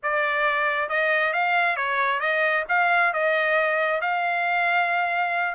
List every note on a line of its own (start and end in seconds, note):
0.02 0.89 D5
0.89 1.33 D#5
1.33 1.76 F5
1.76 2.20 C#5
2.20 2.64 D#5
2.68 3.13 F5
3.13 4.01 D#5
4.01 5.54 F5